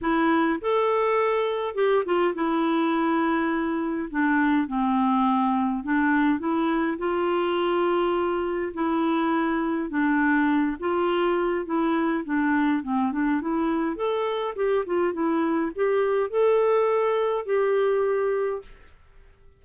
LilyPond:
\new Staff \with { instrumentName = "clarinet" } { \time 4/4 \tempo 4 = 103 e'4 a'2 g'8 f'8 | e'2. d'4 | c'2 d'4 e'4 | f'2. e'4~ |
e'4 d'4. f'4. | e'4 d'4 c'8 d'8 e'4 | a'4 g'8 f'8 e'4 g'4 | a'2 g'2 | }